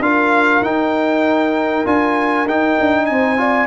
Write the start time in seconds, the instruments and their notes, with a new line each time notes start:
0.00 tuba D4, trombone F4, horn A#4, trumpet F5
0.62 tuba D#4, trombone D#4, trumpet G5
1.85 tuba D4, trombone F4, trumpet G#5
2.46 tuba D#4, trombone D#4, trumpet G5
2.80 tuba D4
3.06 tuba C4, horn C5, trumpet G#5
3.38 trombone F4, horn D5